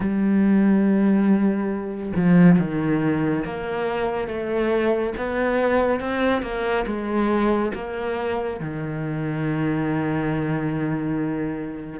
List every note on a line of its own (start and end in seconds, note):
0.00 2.12 G3
2.15 2.58 F3
2.58 3.44 D#3
3.44 4.27 A#3
4.27 5.13 A3
5.17 6.00 B3
6.00 6.42 C4
6.42 6.85 A#3
6.86 7.71 G#3
7.74 8.59 A#3
8.59 12.00 D#3